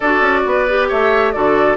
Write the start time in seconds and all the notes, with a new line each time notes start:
0.00 D4 F#4 A4 D5
0.20 C#4
0.45 B3 B4
0.68 G4
0.88 A3 C#5 E5
1.32 D3 F#4 A4 D5